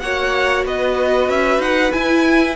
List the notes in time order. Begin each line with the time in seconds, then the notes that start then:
0.00 A#3 F#4 C#5 F#5
0.65 B3 B4 D#5
1.29 C#4 E5
1.59 D#4 F#5
1.93 E4 G#5